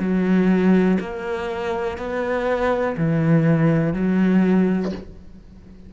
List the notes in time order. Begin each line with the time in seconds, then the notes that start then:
0.00 F#3
1.01 A#3
1.98 B3
2.97 E3
3.94 F#3